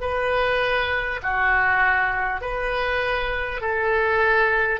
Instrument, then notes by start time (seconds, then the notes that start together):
oboe
0.00 B4
1.22 F#4
2.41 B4
3.61 A4